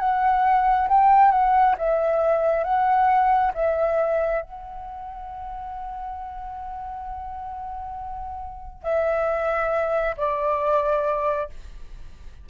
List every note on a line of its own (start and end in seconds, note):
0.00 0.88 F#5
0.89 1.32 G5
1.32 1.76 F#5
1.78 2.64 E5
2.64 3.53 F#5
3.55 4.42 E5
4.42 8.84 F#5
8.84 10.16 E5
10.18 11.50 D5